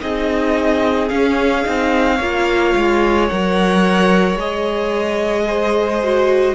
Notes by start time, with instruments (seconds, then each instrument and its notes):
0.00 cello C4, viola D#4, violin G#4 D#5
1.09 viola C#4, cello C#4, violin F5
1.64 cello C4, viola D#4
2.15 cello A#3, viola F4, violin C#5
2.75 cello G#3
3.28 cello F#3, viola A#4, violin F#5
4.35 cello G#3, viola G#4, violin D#5
5.47 violin C5
6.03 viola F#4